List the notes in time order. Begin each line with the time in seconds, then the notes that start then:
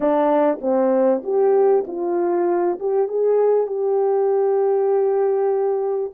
0.00 D4
0.61 C4
1.23 G4
1.87 F4
2.79 G4
3.08 G#4
3.67 G4